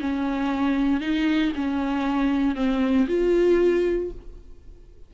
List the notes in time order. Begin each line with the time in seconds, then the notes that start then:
0.00 C#4
1.00 D#4
1.55 C#4
2.55 C4
3.07 F4